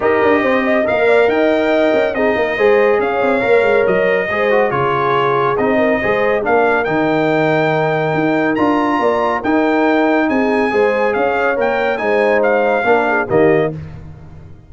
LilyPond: <<
  \new Staff \with { instrumentName = "trumpet" } { \time 4/4 \tempo 4 = 140 dis''2 f''4 g''4~ | g''4 dis''2 f''4~ | f''4 dis''2 cis''4~ | cis''4 dis''2 f''4 |
g''1 | ais''2 g''2 | gis''2 f''4 g''4 | gis''4 f''2 dis''4 | }
  \new Staff \with { instrumentName = "horn" } { \time 4/4 ais'4 c''8 dis''4 d''8 dis''4~ | dis''4 gis'8 ais'8 c''4 cis''4~ | cis''2 c''4 gis'4~ | gis'4. ais'8 c''4 ais'4~ |
ais'1~ | ais'4 d''4 ais'2 | gis'4 c''4 cis''2 | c''2 ais'8 gis'8 g'4 | }
  \new Staff \with { instrumentName = "trombone" } { \time 4/4 g'2 ais'2~ | ais'4 dis'4 gis'2 | ais'2 gis'8 fis'8 f'4~ | f'4 dis'4 gis'4 d'4 |
dis'1 | f'2 dis'2~ | dis'4 gis'2 ais'4 | dis'2 d'4 ais4 | }
  \new Staff \with { instrumentName = "tuba" } { \time 4/4 dis'8 d'8 c'4 ais4 dis'4~ | dis'8 cis'8 c'8 ais8 gis4 cis'8 c'8 | ais8 gis8 fis4 gis4 cis4~ | cis4 c'4 gis4 ais4 |
dis2. dis'4 | d'4 ais4 dis'2 | c'4 gis4 cis'4 ais4 | gis2 ais4 dis4 | }
>>